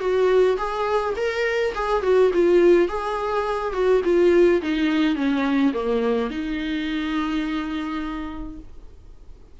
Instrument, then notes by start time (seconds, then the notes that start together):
viola
0.00 F#4
0.57 G#4
1.16 A#4
1.75 G#4
2.03 F#4
2.34 F4
2.88 G#4
3.73 F#4
4.04 F4
4.62 D#4
5.16 C#4
5.73 A#3
6.30 D#4